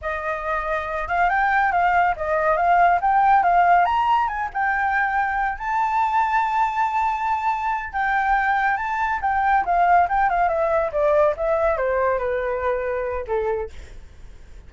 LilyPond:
\new Staff \with { instrumentName = "flute" } { \time 4/4 \tempo 4 = 140 dis''2~ dis''8 f''8 g''4 | f''4 dis''4 f''4 g''4 | f''4 ais''4 gis''8 g''4.~ | g''4 a''2.~ |
a''2~ a''8 g''4.~ | g''8 a''4 g''4 f''4 g''8 | f''8 e''4 d''4 e''4 c''8~ | c''8 b'2~ b'8 a'4 | }